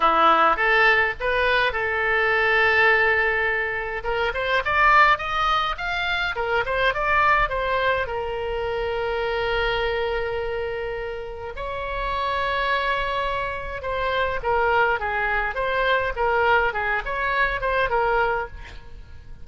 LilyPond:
\new Staff \with { instrumentName = "oboe" } { \time 4/4 \tempo 4 = 104 e'4 a'4 b'4 a'4~ | a'2. ais'8 c''8 | d''4 dis''4 f''4 ais'8 c''8 | d''4 c''4 ais'2~ |
ais'1 | cis''1 | c''4 ais'4 gis'4 c''4 | ais'4 gis'8 cis''4 c''8 ais'4 | }